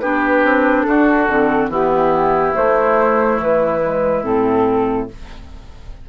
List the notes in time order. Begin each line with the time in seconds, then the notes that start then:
0.00 B3 D4 G4 B4
0.43 C4
0.83 D4 F#4 A4
1.28 D3 C4
1.68 E3 B3 E4 G4
2.53 A3 C5
3.38 E3 B4
3.82 G#3
4.23 A2 C4 A4